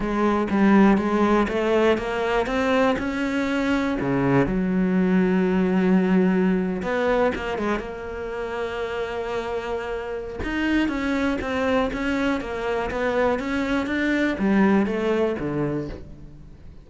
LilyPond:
\new Staff \with { instrumentName = "cello" } { \time 4/4 \tempo 4 = 121 gis4 g4 gis4 a4 | ais4 c'4 cis'2 | cis4 fis2.~ | fis4.~ fis16 b4 ais8 gis8 ais16~ |
ais1~ | ais4 dis'4 cis'4 c'4 | cis'4 ais4 b4 cis'4 | d'4 g4 a4 d4 | }